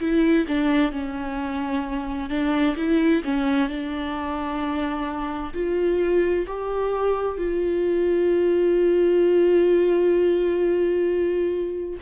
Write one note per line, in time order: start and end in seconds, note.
0.00 0.46 E4
0.47 0.92 D4
0.92 2.30 C#4
2.30 2.76 D4
2.77 3.23 E4
3.24 3.69 C#4
3.69 5.53 D4
5.54 6.46 F4
6.47 7.38 G4
7.38 11.99 F4